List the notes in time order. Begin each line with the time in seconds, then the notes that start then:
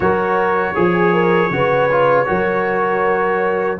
0.00 F#3 F#4 A#4 C#5
0.73 F3 G#4
1.13 A#4
1.50 C#3 F#4 B4
1.91 F4
2.25 F#3 F#4 A#4